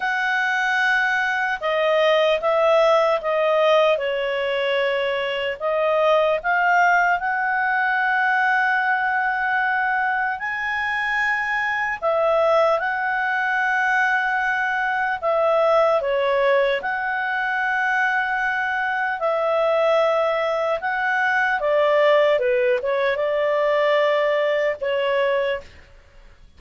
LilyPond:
\new Staff \with { instrumentName = "clarinet" } { \time 4/4 \tempo 4 = 75 fis''2 dis''4 e''4 | dis''4 cis''2 dis''4 | f''4 fis''2.~ | fis''4 gis''2 e''4 |
fis''2. e''4 | cis''4 fis''2. | e''2 fis''4 d''4 | b'8 cis''8 d''2 cis''4 | }